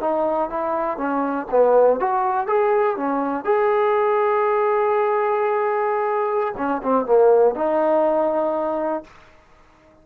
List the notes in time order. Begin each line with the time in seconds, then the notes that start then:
0.00 D#4
0.50 E4
0.97 C#4
1.50 B3
1.99 F#4
2.47 G#4
2.97 C#4
3.45 G#4
6.57 C#4
6.83 C4
7.06 A#3
7.55 D#4